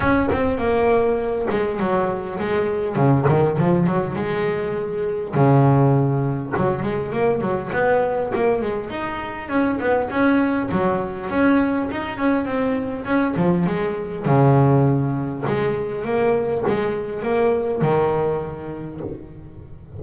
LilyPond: \new Staff \with { instrumentName = "double bass" } { \time 4/4 \tempo 4 = 101 cis'8 c'8 ais4. gis8 fis4 | gis4 cis8 dis8 f8 fis8 gis4~ | gis4 cis2 fis8 gis8 | ais8 fis8 b4 ais8 gis8 dis'4 |
cis'8 b8 cis'4 fis4 cis'4 | dis'8 cis'8 c'4 cis'8 f8 gis4 | cis2 gis4 ais4 | gis4 ais4 dis2 | }